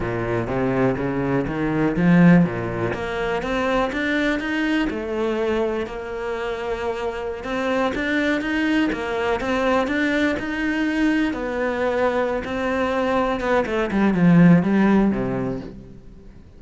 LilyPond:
\new Staff \with { instrumentName = "cello" } { \time 4/4 \tempo 4 = 123 ais,4 c4 cis4 dis4 | f4 ais,4 ais4 c'4 | d'4 dis'4 a2 | ais2.~ ais16 c'8.~ |
c'16 d'4 dis'4 ais4 c'8.~ | c'16 d'4 dis'2 b8.~ | b4. c'2 b8 | a8 g8 f4 g4 c4 | }